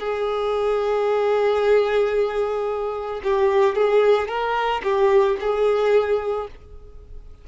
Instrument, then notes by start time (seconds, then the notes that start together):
violin
0.00 G#4
3.24 G4
3.75 G#4
4.29 A#4
4.84 G4
5.41 G#4